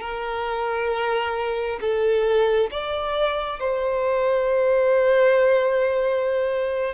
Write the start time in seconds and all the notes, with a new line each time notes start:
0.00 A#4
1.80 A4
2.71 D5
3.59 C5